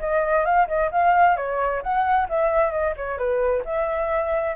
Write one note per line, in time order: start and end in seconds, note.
0.00 0.45 D#5
0.45 0.68 F5
0.68 0.91 D#5
0.92 1.37 F5
1.37 1.83 C#5
1.83 2.29 F#5
2.29 2.71 E5
2.71 2.94 D#5
2.97 3.18 C#5
3.18 3.64 B4
3.66 4.57 E5